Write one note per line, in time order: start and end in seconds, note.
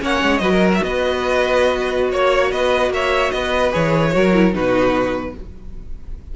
0.00 0.22 A#3
0.00 0.40 C#4
0.00 0.42 C#5
0.00 0.38 F#5
0.23 0.40 G#3
0.38 0.81 F#3
0.38 3.71 F#4
0.38 0.51 B4
0.38 0.68 D#5
0.51 0.82 A#4
0.74 0.84 E5
0.83 2.13 B3
0.83 2.11 B4
0.83 2.13 D#5
2.11 2.51 A#3
2.11 2.51 C#5
2.11 2.52 C#5
2.51 2.90 B3
2.51 2.93 B4
2.51 2.92 D#5
2.90 3.30 A#3
2.90 3.33 C#5
2.90 3.32 E5
3.32 3.73 B3
3.32 4.13 B4
3.32 3.72 D#5
3.71 4.15 E3
3.71 4.11 G#4
3.71 4.54 C#5
4.12 4.54 F#3
4.12 4.33 F#4
4.12 4.55 A#4
4.34 4.53 E4
4.53 5.34 B2
4.53 5.33 D#4
4.53 5.36 F#4
4.53 5.35 B4